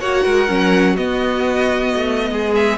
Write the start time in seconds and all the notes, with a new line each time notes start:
0.00 A#3 F#4 C#5 F#5
0.23 G#3 A#4
0.48 F#3 C#4
0.94 B3 F#4 D#5
1.95 A3
2.31 G#3 G#4
2.55 E5